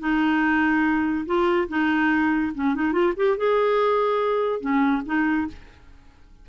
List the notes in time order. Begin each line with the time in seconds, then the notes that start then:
0.00 D#4
1.27 F4
1.69 D#4
2.55 C#4
2.75 D#4
2.93 F4
3.17 G4
3.38 G#4
4.61 C#4
5.06 D#4